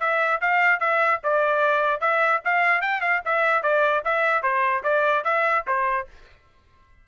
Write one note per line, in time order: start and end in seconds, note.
0.00 0.41 E5
0.41 0.80 F5
0.80 1.21 E5
1.24 2.01 D5
2.01 2.41 E5
2.45 2.82 F5
2.82 3.01 G5
3.01 3.22 F5
3.25 3.63 E5
3.63 4.04 D5
4.05 4.43 E5
4.43 4.83 C5
4.84 5.24 D5
5.25 5.65 E5
5.67 6.08 C5